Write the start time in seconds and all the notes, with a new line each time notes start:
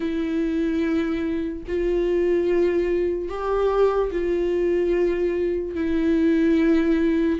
0.00 E4
1.67 F4
3.28 G4
4.11 F4
5.75 E4